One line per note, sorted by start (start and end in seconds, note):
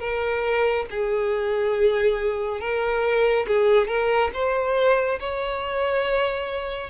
0.00 0.86 A#4
0.91 2.61 G#4
2.61 3.46 A#4
3.48 3.88 G#4
3.88 4.31 A#4
4.34 5.20 C5
5.20 6.90 C#5